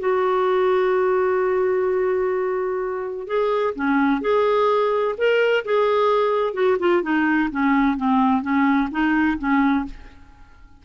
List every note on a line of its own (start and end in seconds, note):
0.00 3.27 F#4
3.27 3.74 G#4
3.76 4.22 C#4
4.22 5.15 G#4
5.18 5.65 A#4
5.65 6.54 G#4
6.54 6.78 F#4
6.79 7.03 F4
7.03 7.50 D#4
7.51 7.97 C#4
7.97 8.42 C4
8.42 8.89 C#4
8.91 9.38 D#4
9.39 9.86 C#4